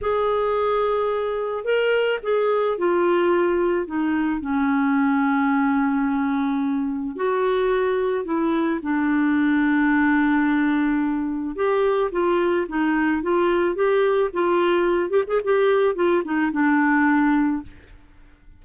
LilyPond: \new Staff \with { instrumentName = "clarinet" } { \time 4/4 \tempo 4 = 109 gis'2. ais'4 | gis'4 f'2 dis'4 | cis'1~ | cis'4 fis'2 e'4 |
d'1~ | d'4 g'4 f'4 dis'4 | f'4 g'4 f'4. g'16 gis'16 | g'4 f'8 dis'8 d'2 | }